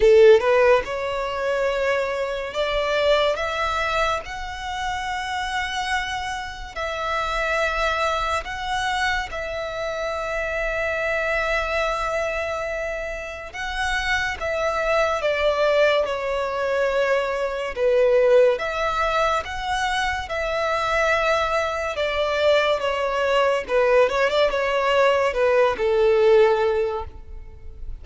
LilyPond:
\new Staff \with { instrumentName = "violin" } { \time 4/4 \tempo 4 = 71 a'8 b'8 cis''2 d''4 | e''4 fis''2. | e''2 fis''4 e''4~ | e''1 |
fis''4 e''4 d''4 cis''4~ | cis''4 b'4 e''4 fis''4 | e''2 d''4 cis''4 | b'8 cis''16 d''16 cis''4 b'8 a'4. | }